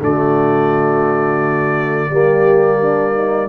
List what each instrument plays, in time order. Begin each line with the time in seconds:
0.00 tuba D3, trombone A3, horn F#4, trumpet D5
2.10 tuba G3, trombone A#3, horn G4
2.81 horn D4
3.14 horn D#4